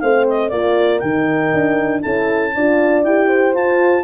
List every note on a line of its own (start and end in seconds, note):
0.00 0.52 A3
0.00 0.52 C4
0.00 0.52 C5
0.00 0.25 F5
0.29 0.49 D#5
0.49 1.02 A#3
0.49 1.01 F4
0.49 0.99 D5
0.55 2.03 A#4
1.00 1.53 D#3
1.00 2.02 D#4
1.00 2.00 G5
1.54 2.04 D4
2.02 2.55 C#4
2.02 2.52 E4
2.02 2.53 A4
2.02 3.03 A5
2.54 3.04 D4
2.54 3.06 F4
2.54 3.28 D5
3.04 3.54 E4
3.04 3.55 G4
3.04 3.54 G5
3.28 4.03 C5
3.55 4.04 F4
3.55 4.04 A5